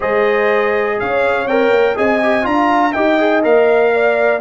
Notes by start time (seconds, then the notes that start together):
0.00 G#3 G#4 C5 D#5
0.99 C#4 C#5 F5
1.45 C4 A#4 G5
1.70 A#3
1.96 C4 G#4 D#5 G#5
2.22 G4
2.42 D4 F4 A#5
2.49 F5
2.92 D#4 G4 D#5 G5
3.19 G#4
3.42 A#3 A#4 F5
3.93 D5